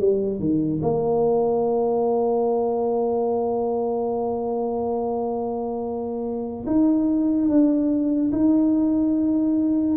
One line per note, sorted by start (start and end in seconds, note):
0.00 0.40 G3
0.40 0.81 D#3
0.82 6.66 A#3
6.67 7.49 D#4
7.49 8.32 D4
8.32 9.98 D#4